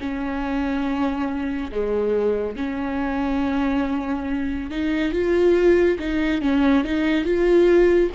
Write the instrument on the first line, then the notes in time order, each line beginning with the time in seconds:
viola
0.00 C#4
1.72 G#3
2.56 C#4
4.71 D#4
5.13 F4
5.99 D#4
6.42 C#4
6.85 D#4
7.25 F4